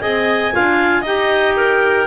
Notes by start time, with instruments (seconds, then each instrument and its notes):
0.00 double bass C4, clarinet G#4 D#5 G#5
0.52 double bass D4, clarinet F4 F5
1.02 double bass D#4, clarinet G4 D#5 G5
1.57 clarinet A#4